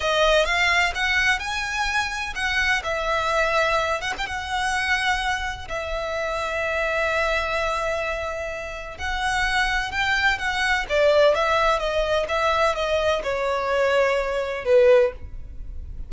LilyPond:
\new Staff \with { instrumentName = "violin" } { \time 4/4 \tempo 4 = 127 dis''4 f''4 fis''4 gis''4~ | gis''4 fis''4 e''2~ | e''8 fis''16 g''16 fis''2. | e''1~ |
e''2. fis''4~ | fis''4 g''4 fis''4 d''4 | e''4 dis''4 e''4 dis''4 | cis''2. b'4 | }